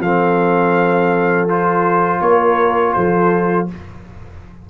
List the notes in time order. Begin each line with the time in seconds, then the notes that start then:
0.00 F3 C4 A4 F5
1.48 F4 C5
2.21 A#3 A#4 C#5
2.93 F3 A4 C5